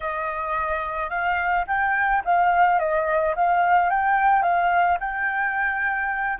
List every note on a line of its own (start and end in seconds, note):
0.00 1.09 D#5
1.09 1.65 F5
1.67 2.22 G5
2.24 2.79 F5
2.79 3.35 D#5
3.35 3.90 F5
3.90 4.42 G5
4.42 4.98 F5
4.99 6.38 G5